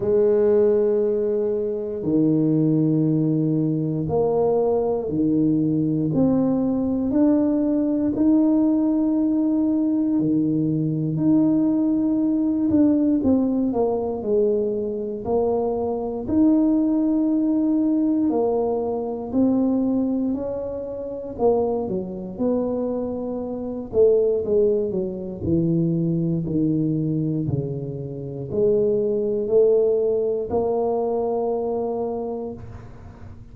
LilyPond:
\new Staff \with { instrumentName = "tuba" } { \time 4/4 \tempo 4 = 59 gis2 dis2 | ais4 dis4 c'4 d'4 | dis'2 dis4 dis'4~ | dis'8 d'8 c'8 ais8 gis4 ais4 |
dis'2 ais4 c'4 | cis'4 ais8 fis8 b4. a8 | gis8 fis8 e4 dis4 cis4 | gis4 a4 ais2 | }